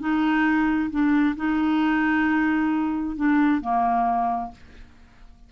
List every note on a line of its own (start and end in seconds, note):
0.00 0.90 D#4
0.91 1.36 D4
1.36 3.16 D#4
3.16 3.62 D4
3.62 4.52 A#3